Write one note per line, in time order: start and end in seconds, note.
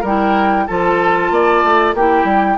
0.00 0.66 G3
0.00 0.68 E4
0.00 0.64 A#4
0.00 0.66 G5
0.66 1.30 F3
0.66 1.95 F4
0.66 1.31 A4
0.66 1.94 A5
1.30 1.62 A#3
1.30 1.95 D5
1.64 1.94 A3
1.94 2.24 A#3
1.94 2.57 E4
1.94 2.57 G4
1.94 2.57 G5
2.24 2.56 G3